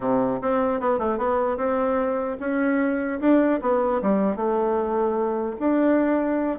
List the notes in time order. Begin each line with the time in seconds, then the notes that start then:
0.00 C3
0.41 C4
0.80 B3
0.99 A3
1.18 B3
1.57 C4
2.40 C#4
3.20 D4
3.61 B3
4.02 G3
4.35 A3
5.59 D4